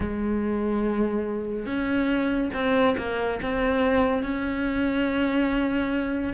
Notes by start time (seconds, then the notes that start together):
0.00 G#3
1.66 C#4
2.54 C4
2.97 A#3
3.42 C4
4.23 C#4